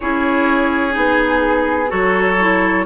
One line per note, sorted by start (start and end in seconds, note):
0.00 0.95 C#4
0.00 0.91 E4
0.00 1.89 G#4
0.00 0.94 C#5
0.91 1.91 B3
0.91 1.86 D#4
0.91 1.90 G#4
1.88 2.85 F#3
1.88 2.36 F#4
1.88 2.85 A4
1.88 2.85 C#5
2.40 2.85 E4